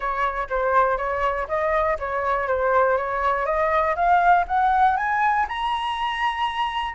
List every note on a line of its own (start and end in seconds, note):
0.00 0.47 C#5
0.49 0.97 C5
0.97 1.47 C#5
1.48 1.97 D#5
1.99 2.47 C#5
2.47 2.97 C5
2.97 3.45 C#5
3.45 3.95 D#5
3.95 4.45 F5
4.47 4.97 F#5
4.97 5.46 G#5
5.48 6.94 A#5